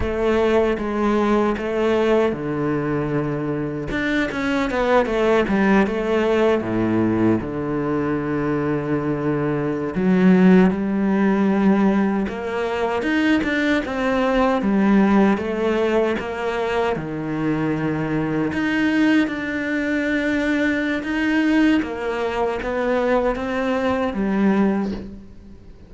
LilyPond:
\new Staff \with { instrumentName = "cello" } { \time 4/4 \tempo 4 = 77 a4 gis4 a4 d4~ | d4 d'8 cis'8 b8 a8 g8 a8~ | a8 a,4 d2~ d8~ | d8. fis4 g2 ais16~ |
ais8. dis'8 d'8 c'4 g4 a16~ | a8. ais4 dis2 dis'16~ | dis'8. d'2~ d'16 dis'4 | ais4 b4 c'4 g4 | }